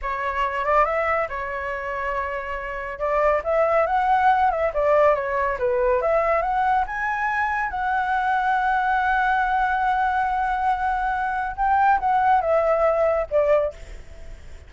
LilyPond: \new Staff \with { instrumentName = "flute" } { \time 4/4 \tempo 4 = 140 cis''4. d''8 e''4 cis''4~ | cis''2. d''4 | e''4 fis''4. e''8 d''4 | cis''4 b'4 e''4 fis''4 |
gis''2 fis''2~ | fis''1~ | fis''2. g''4 | fis''4 e''2 d''4 | }